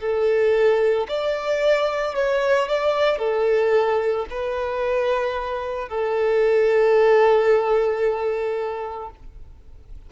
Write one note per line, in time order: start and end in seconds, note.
0.00 1.07 A4
1.08 2.14 D5
2.14 2.68 C#5
2.68 3.18 D5
3.18 4.25 A4
4.30 5.88 B4
5.88 9.10 A4